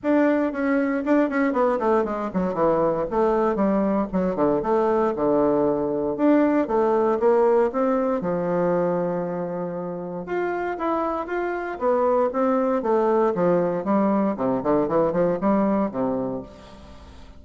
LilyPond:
\new Staff \with { instrumentName = "bassoon" } { \time 4/4 \tempo 4 = 117 d'4 cis'4 d'8 cis'8 b8 a8 | gis8 fis8 e4 a4 g4 | fis8 d8 a4 d2 | d'4 a4 ais4 c'4 |
f1 | f'4 e'4 f'4 b4 | c'4 a4 f4 g4 | c8 d8 e8 f8 g4 c4 | }